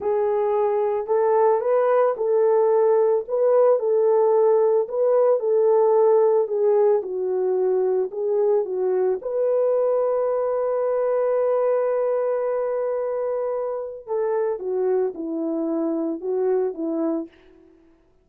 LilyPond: \new Staff \with { instrumentName = "horn" } { \time 4/4 \tempo 4 = 111 gis'2 a'4 b'4 | a'2 b'4 a'4~ | a'4 b'4 a'2 | gis'4 fis'2 gis'4 |
fis'4 b'2.~ | b'1~ | b'2 a'4 fis'4 | e'2 fis'4 e'4 | }